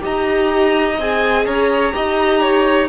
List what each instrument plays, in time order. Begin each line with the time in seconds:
0.00 cello D#4, viola G4, violin D#5 A#5
0.98 cello C4, viola G#4, violin G#5
1.45 cello C#4, violin C#5 A#5
1.92 cello D#4, viola G4, violin D#5
2.41 violin C#5